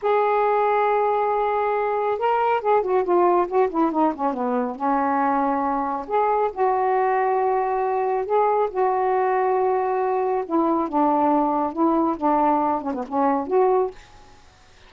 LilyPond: \new Staff \with { instrumentName = "saxophone" } { \time 4/4 \tempo 4 = 138 gis'1~ | gis'4 ais'4 gis'8 fis'8 f'4 | fis'8 e'8 dis'8 cis'8 b4 cis'4~ | cis'2 gis'4 fis'4~ |
fis'2. gis'4 | fis'1 | e'4 d'2 e'4 | d'4. cis'16 b16 cis'4 fis'4 | }